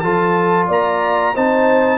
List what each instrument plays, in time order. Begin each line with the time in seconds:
0.00 tuba F3, trombone F4, horn A4, trumpet A5
0.68 tuba A#3, horn D5, trumpet A#5
1.34 tuba C4, trombone D#4, horn C5, trumpet A5